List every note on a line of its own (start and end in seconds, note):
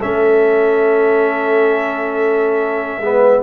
0.00 2.99 A3
0.00 3.02 C#4
0.00 3.00 A4
0.00 3.44 E5
2.99 3.42 G#3
2.99 3.44 B3
2.99 3.44 B4